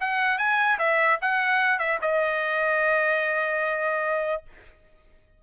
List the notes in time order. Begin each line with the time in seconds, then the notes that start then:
0.00 F#5
0.38 G#5
0.79 E5
1.21 F#5
1.79 E5
2.01 D#5